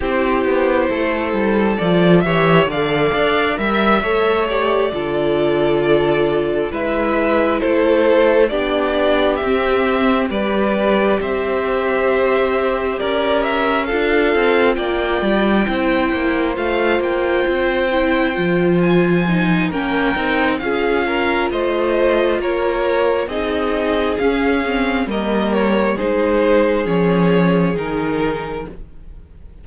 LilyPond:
<<
  \new Staff \with { instrumentName = "violin" } { \time 4/4 \tempo 4 = 67 c''2 d''8 e''8 f''4 | e''4 d''2~ d''8 e''8~ | e''8 c''4 d''4 e''4 d''8~ | d''8 e''2 d''8 e''8 f''8~ |
f''8 g''2 f''8 g''4~ | g''4 gis''4 g''4 f''4 | dis''4 cis''4 dis''4 f''4 | dis''8 cis''8 c''4 cis''4 ais'4 | }
  \new Staff \with { instrumentName = "violin" } { \time 4/4 g'4 a'4. cis''8 d''4 | e''8 cis''4 a'2 b'8~ | b'8 a'4 g'2 b'8~ | b'8 c''2 ais'4 a'8~ |
a'8 d''4 c''2~ c''8~ | c''2 ais'4 gis'8 ais'8 | c''4 ais'4 gis'2 | ais'4 gis'2. | }
  \new Staff \with { instrumentName = "viola" } { \time 4/4 e'2 f'8 g'8 a'4 | ais'8 a'8 g'8 f'2 e'8~ | e'4. d'4 c'4 g'8~ | g'2.~ g'8 f'8~ |
f'4. e'4 f'4. | e'8 f'4 dis'8 cis'8 dis'8 f'4~ | f'2 dis'4 cis'8 c'8 | ais4 dis'4 cis'4 dis'4 | }
  \new Staff \with { instrumentName = "cello" } { \time 4/4 c'8 b8 a8 g8 f8 e8 d8 d'8 | g8 a4 d2 gis8~ | gis8 a4 b4 c'4 g8~ | g8 c'2 cis'4 d'8 |
c'8 ais8 g8 c'8 ais8 a8 ais8 c'8~ | c'8 f4. ais8 c'8 cis'4 | a4 ais4 c'4 cis'4 | g4 gis4 f4 dis4 | }
>>